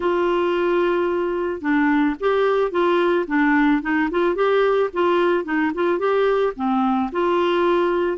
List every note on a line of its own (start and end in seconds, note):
0.00 1.61 F4
1.61 2.15 D4
2.20 2.71 G4
2.71 3.25 F4
3.27 3.82 D4
3.82 4.09 D#4
4.11 4.35 F4
4.35 4.90 G4
4.93 5.44 F4
5.44 5.71 D#4
5.74 5.98 F4
5.98 6.53 G4
6.56 7.10 C4
7.12 8.17 F4